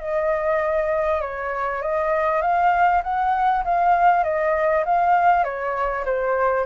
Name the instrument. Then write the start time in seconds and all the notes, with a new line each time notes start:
flute
0.00 D#5
1.21 C#5
1.82 D#5
2.41 F5
3.03 F#5
3.64 F5
4.23 D#5
4.85 F5
5.44 C#5
6.05 C5